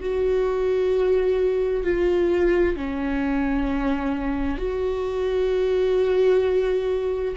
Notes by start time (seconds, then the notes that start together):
0.00 F#4
1.83 F4
2.76 C#4
4.57 F#4